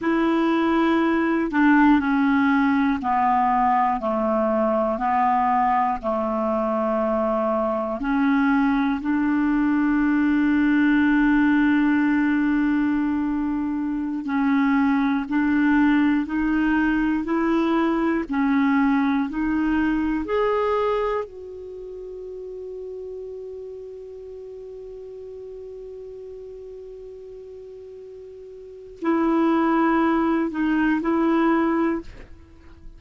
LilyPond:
\new Staff \with { instrumentName = "clarinet" } { \time 4/4 \tempo 4 = 60 e'4. d'8 cis'4 b4 | a4 b4 a2 | cis'4 d'2.~ | d'2~ d'16 cis'4 d'8.~ |
d'16 dis'4 e'4 cis'4 dis'8.~ | dis'16 gis'4 fis'2~ fis'8.~ | fis'1~ | fis'4 e'4. dis'8 e'4 | }